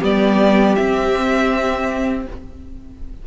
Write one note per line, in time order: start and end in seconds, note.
0.00 0.77 G3
0.00 0.76 B3
0.00 2.22 G4
0.00 0.75 D5
0.75 2.26 C4
0.75 2.27 C4
0.75 2.23 E5